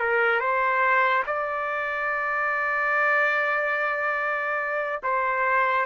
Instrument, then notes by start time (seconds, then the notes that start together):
trumpet
0.00 A#4
0.40 C5
1.27 D5
5.03 C5